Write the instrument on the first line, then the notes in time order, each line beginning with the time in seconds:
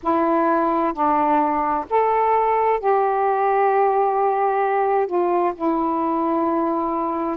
saxophone
0.03 E4
0.93 D4
1.89 A4
2.79 G4
5.06 F4
5.55 E4